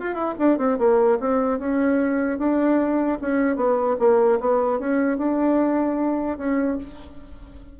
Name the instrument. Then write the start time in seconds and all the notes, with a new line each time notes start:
bassoon
0.00 F4
0.14 E4
0.39 D4
0.58 C4
0.79 A#3
1.20 C4
1.59 C#4
2.39 D4
3.21 C#4
3.56 B3
3.99 A#3
4.40 B3
4.79 C#4
5.18 D4
6.38 C#4